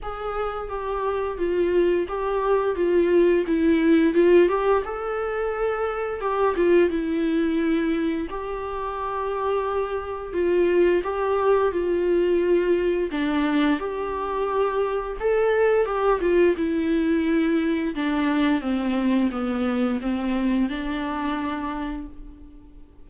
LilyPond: \new Staff \with { instrumentName = "viola" } { \time 4/4 \tempo 4 = 87 gis'4 g'4 f'4 g'4 | f'4 e'4 f'8 g'8 a'4~ | a'4 g'8 f'8 e'2 | g'2. f'4 |
g'4 f'2 d'4 | g'2 a'4 g'8 f'8 | e'2 d'4 c'4 | b4 c'4 d'2 | }